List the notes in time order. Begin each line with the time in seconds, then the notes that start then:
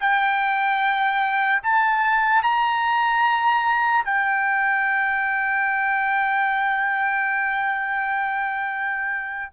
0.00 G5
1.63 A5
2.43 A#5
4.05 G5